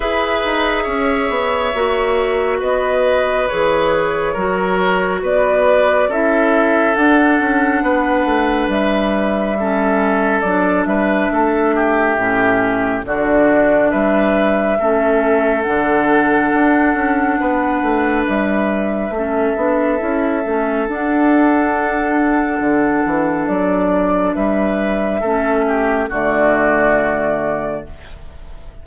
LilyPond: <<
  \new Staff \with { instrumentName = "flute" } { \time 4/4 \tempo 4 = 69 e''2. dis''4 | cis''2 d''4 e''4 | fis''2 e''2 | d''8 e''2~ e''8 d''4 |
e''2 fis''2~ | fis''4 e''2. | fis''2. d''4 | e''2 d''2 | }
  \new Staff \with { instrumentName = "oboe" } { \time 4/4 b'4 cis''2 b'4~ | b'4 ais'4 b'4 a'4~ | a'4 b'2 a'4~ | a'8 b'8 a'8 g'4. fis'4 |
b'4 a'2. | b'2 a'2~ | a'1 | b'4 a'8 g'8 fis'2 | }
  \new Staff \with { instrumentName = "clarinet" } { \time 4/4 gis'2 fis'2 | gis'4 fis'2 e'4 | d'2. cis'4 | d'2 cis'4 d'4~ |
d'4 cis'4 d'2~ | d'2 cis'8 d'8 e'8 cis'8 | d'1~ | d'4 cis'4 a2 | }
  \new Staff \with { instrumentName = "bassoon" } { \time 4/4 e'8 dis'8 cis'8 b8 ais4 b4 | e4 fis4 b4 cis'4 | d'8 cis'8 b8 a8 g2 | fis8 g8 a4 a,4 d4 |
g4 a4 d4 d'8 cis'8 | b8 a8 g4 a8 b8 cis'8 a8 | d'2 d8 e8 fis4 | g4 a4 d2 | }
>>